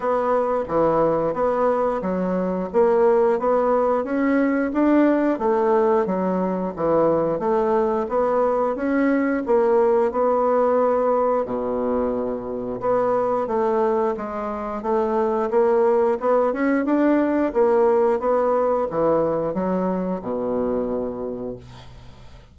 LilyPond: \new Staff \with { instrumentName = "bassoon" } { \time 4/4 \tempo 4 = 89 b4 e4 b4 fis4 | ais4 b4 cis'4 d'4 | a4 fis4 e4 a4 | b4 cis'4 ais4 b4~ |
b4 b,2 b4 | a4 gis4 a4 ais4 | b8 cis'8 d'4 ais4 b4 | e4 fis4 b,2 | }